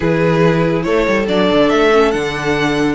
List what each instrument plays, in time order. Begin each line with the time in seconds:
0.00 cello E3, viola E4, violin G#4 B4
0.83 cello A3, violin A4 C#5
1.08 cello G3
1.27 cello F#3, viola D4, violin D5
1.50 cello D3
1.69 cello A3, violin E5
1.93 viola C#4
2.11 cello D3, viola D4, violin F#5